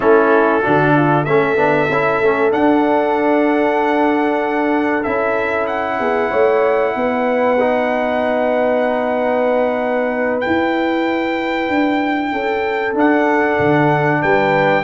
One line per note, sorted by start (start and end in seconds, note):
0.00 0.64 A3
0.00 0.62 C#4
0.00 0.61 E4
0.00 1.24 A4
0.61 1.26 D3
0.61 1.26 D4
0.61 0.93 F#4
0.95 1.24 F4
1.24 1.56 A3
1.24 1.56 C#4
1.24 5.98 A4
1.24 2.51 E5
1.56 1.87 B3
1.56 1.88 D4
1.89 2.20 C#4
1.89 2.23 E4
2.20 2.52 A3
2.20 2.51 C#4
2.51 5.04 D4
2.51 5.05 D4
2.51 5.03 F#5
5.03 5.99 C#4
5.03 7.58 E4
5.03 5.66 E5
5.66 10.40 F#5
5.99 6.31 B3
5.99 6.30 G#4
6.30 6.95 A3
6.30 6.93 C#5
6.95 10.42 B3
6.95 12.31 B4
7.60 10.42 D#4
10.40 12.94 E4
10.40 11.68 E4
10.40 12.93 G5
11.68 12.32 D4
12.31 12.94 C#4
12.31 14.21 A4
12.94 13.57 D4
12.94 14.83 D4
12.94 14.22 F#5
13.59 14.22 D3
14.22 14.83 G3
14.22 14.83 B4
14.22 14.83 G5